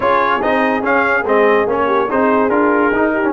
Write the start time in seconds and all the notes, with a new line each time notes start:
0.00 C#4 F4 G#4 C#5
0.41 C4 D#4 D#5
0.82 C#4 F5
1.24 G#3 C4 D#5
1.66 A#3 C#4 C#5
1.86 G4
2.08 C4 D#4 G#4 C5
2.48 D4 F4 A#4
2.91 D#4
3.13 G4
3.23 C#4